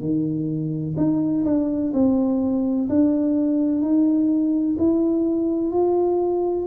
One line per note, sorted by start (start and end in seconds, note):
0.00 0.95 D#3
0.97 1.44 D#4
1.45 1.92 D4
1.94 2.89 C4
2.89 3.81 D4
3.81 4.76 D#4
4.78 5.71 E4
5.71 6.67 F4